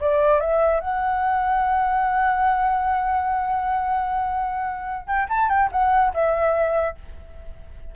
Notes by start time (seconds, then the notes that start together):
0.00 D5
0.40 E5
0.80 F#5
5.07 G5
5.29 A5
5.49 G5
5.71 F#5
6.14 E5